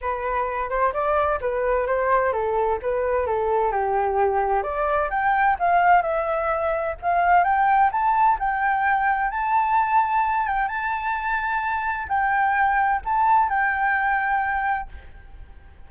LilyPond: \new Staff \with { instrumentName = "flute" } { \time 4/4 \tempo 4 = 129 b'4. c''8 d''4 b'4 | c''4 a'4 b'4 a'4 | g'2 d''4 g''4 | f''4 e''2 f''4 |
g''4 a''4 g''2 | a''2~ a''8 g''8 a''4~ | a''2 g''2 | a''4 g''2. | }